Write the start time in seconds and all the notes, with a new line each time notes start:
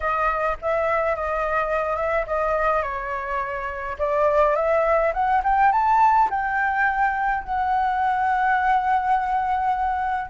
0.00 D#5
0.61 E5
1.15 D#5
1.96 E5
2.26 D#5
2.82 C#5
3.98 D5
4.55 E5
5.13 F#5
5.43 G5
5.72 A5
6.30 G5
7.44 F#5